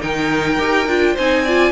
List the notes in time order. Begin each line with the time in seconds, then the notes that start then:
0.00 D#3 D#4 A#4 G5
0.58 D#4 G4
0.87 D4 F4
1.14 C4 D#4 C5 G#5
1.44 F4 D5